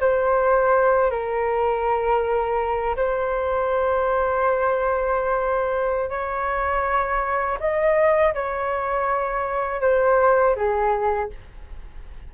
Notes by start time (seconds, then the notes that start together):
0.00 C5
1.10 A#4
2.96 C5
6.10 C#5
7.60 D#5
8.34 C#5
9.81 C5
10.56 G#4